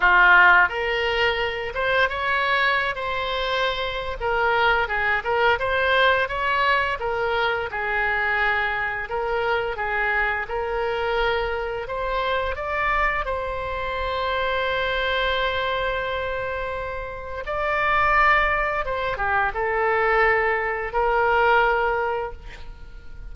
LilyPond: \new Staff \with { instrumentName = "oboe" } { \time 4/4 \tempo 4 = 86 f'4 ais'4. c''8 cis''4~ | cis''16 c''4.~ c''16 ais'4 gis'8 ais'8 | c''4 cis''4 ais'4 gis'4~ | gis'4 ais'4 gis'4 ais'4~ |
ais'4 c''4 d''4 c''4~ | c''1~ | c''4 d''2 c''8 g'8 | a'2 ais'2 | }